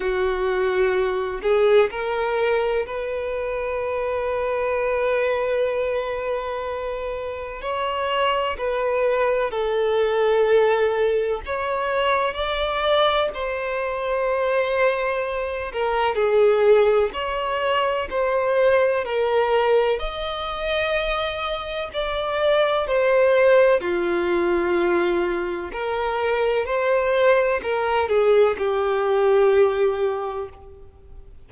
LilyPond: \new Staff \with { instrumentName = "violin" } { \time 4/4 \tempo 4 = 63 fis'4. gis'8 ais'4 b'4~ | b'1 | cis''4 b'4 a'2 | cis''4 d''4 c''2~ |
c''8 ais'8 gis'4 cis''4 c''4 | ais'4 dis''2 d''4 | c''4 f'2 ais'4 | c''4 ais'8 gis'8 g'2 | }